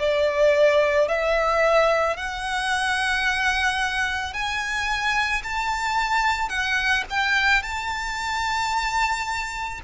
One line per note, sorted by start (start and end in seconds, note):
0.00 1.09 D5
1.09 2.17 E5
2.17 4.34 F#5
4.34 5.43 G#5
5.44 6.50 A5
6.50 7.04 F#5
7.10 7.63 G5
7.63 9.81 A5